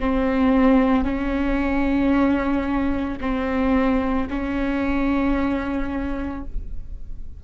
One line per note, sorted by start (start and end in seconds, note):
0.00 1.04 C4
1.04 3.19 C#4
3.20 4.28 C4
4.30 6.44 C#4